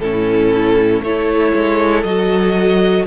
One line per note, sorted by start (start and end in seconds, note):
0.00 1.01 A2
0.00 1.05 C#4
0.00 1.04 E4
0.00 1.02 A4
1.01 1.52 A3
1.01 2.06 E4
1.01 3.07 A4
1.01 2.04 C#5
1.55 2.04 G#3
2.04 3.06 F#3
2.04 3.07 F#4
2.04 3.05 D#5